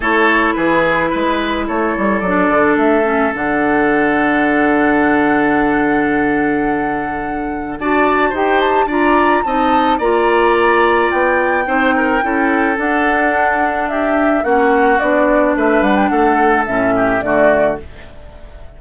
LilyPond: <<
  \new Staff \with { instrumentName = "flute" } { \time 4/4 \tempo 4 = 108 cis''4 b'2 cis''4 | d''4 e''4 fis''2~ | fis''1~ | fis''2 a''4 g''8 a''8 |
ais''4 a''4 ais''2 | g''2. fis''4~ | fis''4 e''4 fis''4 d''4 | e''8 fis''16 g''16 fis''4 e''4 d''4 | }
  \new Staff \with { instrumentName = "oboe" } { \time 4/4 a'4 gis'4 b'4 a'4~ | a'1~ | a'1~ | a'2 d''4 c''4 |
d''4 dis''4 d''2~ | d''4 c''8 ais'8 a'2~ | a'4 g'4 fis'2 | b'4 a'4. g'8 fis'4 | }
  \new Staff \with { instrumentName = "clarinet" } { \time 4/4 e'1 | d'4. cis'8 d'2~ | d'1~ | d'2 fis'4 g'4 |
f'4 dis'4 f'2~ | f'4 dis'4 e'4 d'4~ | d'2 cis'4 d'4~ | d'2 cis'4 a4 | }
  \new Staff \with { instrumentName = "bassoon" } { \time 4/4 a4 e4 gis4 a8 g8 | fis8 d8 a4 d2~ | d1~ | d2 d'4 dis'4 |
d'4 c'4 ais2 | b4 c'4 cis'4 d'4~ | d'2 ais4 b4 | a8 g8 a4 a,4 d4 | }
>>